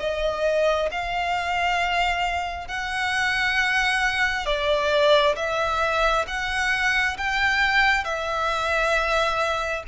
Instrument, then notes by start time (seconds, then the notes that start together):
violin
0.00 D#5
0.92 F5
2.68 F#5
4.46 D5
5.36 E5
6.28 F#5
7.18 G5
8.04 E5